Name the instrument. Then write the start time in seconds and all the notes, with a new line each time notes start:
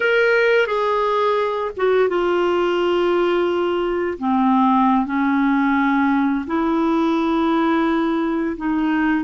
clarinet
0.00 A#4
0.66 G#4
1.76 F#4
2.08 F4
4.18 C4
5.05 C#4
6.47 E4
8.56 D#4